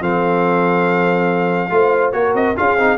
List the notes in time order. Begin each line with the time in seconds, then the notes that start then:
0.00 F3 C4 A4 F5
1.70 A3 F4 C5
2.12 A#3 F#4 A#4 C#5
2.34 C4 D#5
2.56 C#4 F4 G#4 F5
2.78 C4 D#4